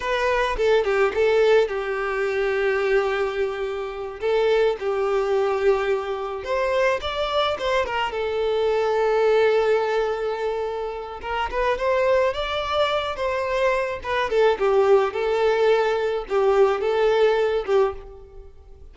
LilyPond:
\new Staff \with { instrumentName = "violin" } { \time 4/4 \tempo 4 = 107 b'4 a'8 g'8 a'4 g'4~ | g'2.~ g'8 a'8~ | a'8 g'2. c''8~ | c''8 d''4 c''8 ais'8 a'4.~ |
a'1 | ais'8 b'8 c''4 d''4. c''8~ | c''4 b'8 a'8 g'4 a'4~ | a'4 g'4 a'4. g'8 | }